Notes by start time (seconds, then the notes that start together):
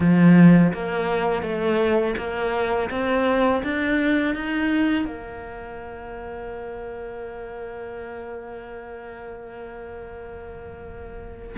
0.00 F3
0.73 A#3
1.42 A3
2.17 A#3
2.90 C4
3.63 D4
4.34 D#4
5.05 A#3